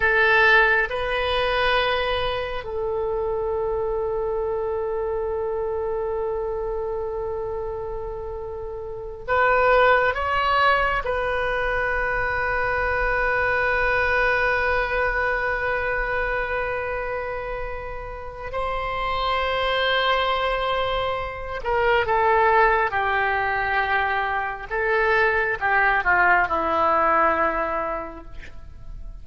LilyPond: \new Staff \with { instrumentName = "oboe" } { \time 4/4 \tempo 4 = 68 a'4 b'2 a'4~ | a'1~ | a'2~ a'8 b'4 cis''8~ | cis''8 b'2.~ b'8~ |
b'1~ | b'4 c''2.~ | c''8 ais'8 a'4 g'2 | a'4 g'8 f'8 e'2 | }